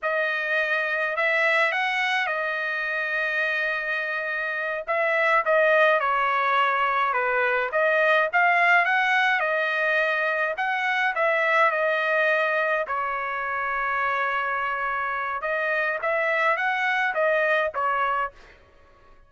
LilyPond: \new Staff \with { instrumentName = "trumpet" } { \time 4/4 \tempo 4 = 105 dis''2 e''4 fis''4 | dis''1~ | dis''8 e''4 dis''4 cis''4.~ | cis''8 b'4 dis''4 f''4 fis''8~ |
fis''8 dis''2 fis''4 e''8~ | e''8 dis''2 cis''4.~ | cis''2. dis''4 | e''4 fis''4 dis''4 cis''4 | }